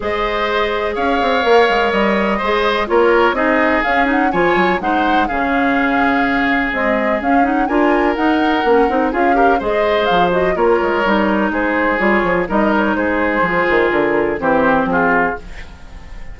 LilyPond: <<
  \new Staff \with { instrumentName = "flute" } { \time 4/4 \tempo 4 = 125 dis''2 f''2 | dis''2 cis''4 dis''4 | f''8 fis''8 gis''4 fis''4 f''4~ | f''2 dis''4 f''8 fis''8 |
gis''4 fis''2 f''4 | dis''4 f''8 dis''8 cis''2 | c''4 cis''4 dis''8 cis''8 c''4~ | c''4 ais'4 c''4 gis'4 | }
  \new Staff \with { instrumentName = "oboe" } { \time 4/4 c''2 cis''2~ | cis''4 c''4 ais'4 gis'4~ | gis'4 cis''4 c''4 gis'4~ | gis'1 |
ais'2. gis'8 ais'8 | c''2 ais'2 | gis'2 ais'4 gis'4~ | gis'2 g'4 f'4 | }
  \new Staff \with { instrumentName = "clarinet" } { \time 4/4 gis'2. ais'4~ | ais'4 gis'4 f'4 dis'4 | cis'8 dis'8 f'4 dis'4 cis'4~ | cis'2 gis4 cis'8 dis'8 |
f'4 dis'4 cis'8 dis'8 f'8 g'8 | gis'4. fis'8 f'4 dis'4~ | dis'4 f'4 dis'2 | f'2 c'2 | }
  \new Staff \with { instrumentName = "bassoon" } { \time 4/4 gis2 cis'8 c'8 ais8 gis8 | g4 gis4 ais4 c'4 | cis'4 f8 fis8 gis4 cis4~ | cis2 c'4 cis'4 |
d'4 dis'4 ais8 c'8 cis'4 | gis4 f4 ais8 gis8 g4 | gis4 g8 f8 g4 gis4 | f8 dis8 d4 e4 f4 | }
>>